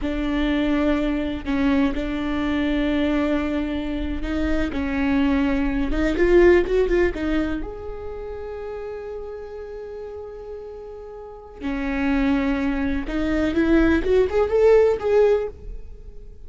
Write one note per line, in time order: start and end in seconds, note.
0.01 1.45 D4
1.45 1.93 C#4
1.94 4.22 D4
4.22 4.70 D#4
4.72 5.91 C#4
5.91 6.16 D#4
6.16 6.65 F4
6.66 6.88 F#4
6.88 7.12 F4
7.14 7.62 D#4
7.62 11.61 G#4
11.61 13.06 C#4
13.07 13.54 D#4
13.54 14.02 E4
14.03 14.27 F#4
14.29 14.49 G#4
14.49 14.97 A4
14.99 15.48 G#4